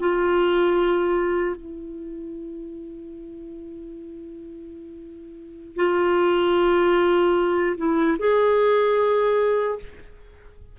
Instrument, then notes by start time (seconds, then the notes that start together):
clarinet
0.00 F4
1.56 E4
5.76 F4
7.77 E4
8.19 G#4